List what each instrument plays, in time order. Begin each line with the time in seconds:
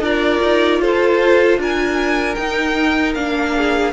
0.00 cello D4, viola F4, violin A#4 D5
0.42 cello D#4
0.80 cello F4, violin A4 C5
1.57 cello D4, violin A#4 G#5
2.35 cello D#4, viola D#4, violin G5
3.15 cello A#3, viola D4, violin F5
3.56 violin G#4